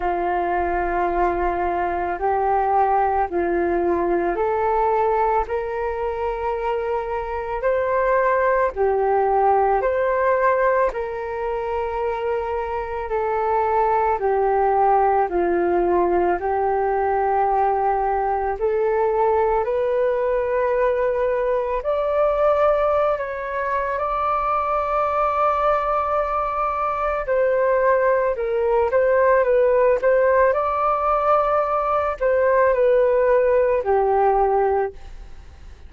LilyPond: \new Staff \with { instrumentName = "flute" } { \time 4/4 \tempo 4 = 55 f'2 g'4 f'4 | a'4 ais'2 c''4 | g'4 c''4 ais'2 | a'4 g'4 f'4 g'4~ |
g'4 a'4 b'2 | d''4~ d''16 cis''8. d''2~ | d''4 c''4 ais'8 c''8 b'8 c''8 | d''4. c''8 b'4 g'4 | }